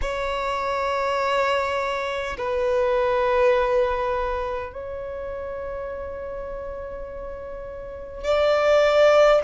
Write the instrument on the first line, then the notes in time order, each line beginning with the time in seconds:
violin
0.01 C#5
2.37 B4
4.72 C#5
8.24 D5